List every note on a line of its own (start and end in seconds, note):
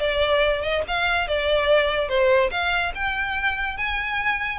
0.00 0.62 D5
0.62 0.83 D#5
0.88 1.28 F5
1.28 2.09 D5
2.09 2.51 C5
2.51 2.93 F5
2.95 3.77 G5
3.77 4.59 G#5